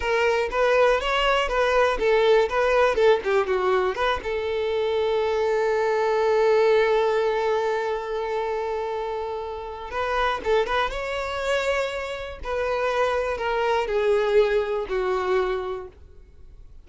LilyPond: \new Staff \with { instrumentName = "violin" } { \time 4/4 \tempo 4 = 121 ais'4 b'4 cis''4 b'4 | a'4 b'4 a'8 g'8 fis'4 | b'8 a'2.~ a'8~ | a'1~ |
a'1 | b'4 a'8 b'8 cis''2~ | cis''4 b'2 ais'4 | gis'2 fis'2 | }